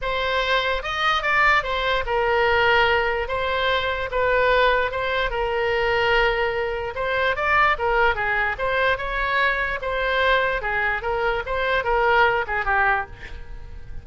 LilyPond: \new Staff \with { instrumentName = "oboe" } { \time 4/4 \tempo 4 = 147 c''2 dis''4 d''4 | c''4 ais'2. | c''2 b'2 | c''4 ais'2.~ |
ais'4 c''4 d''4 ais'4 | gis'4 c''4 cis''2 | c''2 gis'4 ais'4 | c''4 ais'4. gis'8 g'4 | }